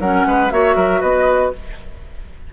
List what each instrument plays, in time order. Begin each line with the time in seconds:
0.00 bassoon F#3, clarinet C#4, oboe A#4, flute F#5
0.26 bassoon G#3, oboe B4
0.51 bassoon A#3, clarinet F#4, oboe C#5, flute E5
0.76 bassoon F#3, oboe A#4
1.01 bassoon B3, oboe B4, flute D#5